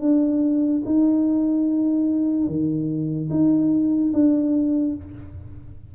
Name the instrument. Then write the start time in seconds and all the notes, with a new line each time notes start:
tuba
0.00 D4
0.85 D#4
2.47 D#3
3.30 D#4
4.13 D4